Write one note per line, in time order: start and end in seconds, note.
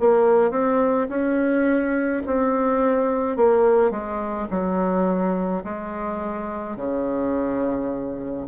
0.00 0.51 A#3
0.51 1.08 C4
1.10 2.23 C#4
2.27 3.37 C4
3.37 3.91 A#3
3.91 4.48 G#3
4.51 5.64 F#3
5.64 6.77 G#3
6.77 8.46 C#3